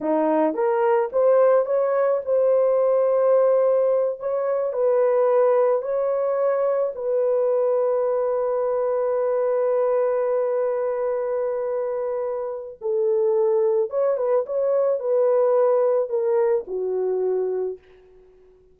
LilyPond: \new Staff \with { instrumentName = "horn" } { \time 4/4 \tempo 4 = 108 dis'4 ais'4 c''4 cis''4 | c''2.~ c''8 cis''8~ | cis''8 b'2 cis''4.~ | cis''8 b'2.~ b'8~ |
b'1~ | b'2. a'4~ | a'4 cis''8 b'8 cis''4 b'4~ | b'4 ais'4 fis'2 | }